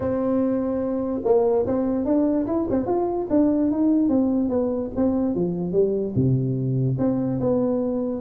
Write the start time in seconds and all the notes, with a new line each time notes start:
0.00 C4
1.24 A#3
1.66 C4
2.05 D4
2.46 E4
2.70 C4
2.86 F4
3.30 D4
3.71 D#4
4.08 C4
4.49 B3
4.96 C4
5.35 F3
5.72 G3
6.15 C3
6.98 C4
7.40 B3